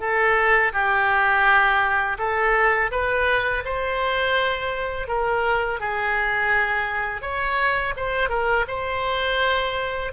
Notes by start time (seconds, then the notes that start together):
0.00 A4
0.73 G4
2.18 A4
2.91 B4
3.65 C5
5.08 A#4
5.80 G#4
7.22 C#5
7.96 C5
8.29 A#4
8.68 C5